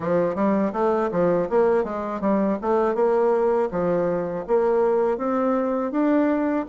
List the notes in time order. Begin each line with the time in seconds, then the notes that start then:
0.00 F3
0.35 G3
0.72 A3
1.11 F3
1.49 A#3
1.84 G#3
2.20 G3
2.61 A3
2.95 A#3
3.71 F3
4.46 A#3
5.17 C4
5.91 D4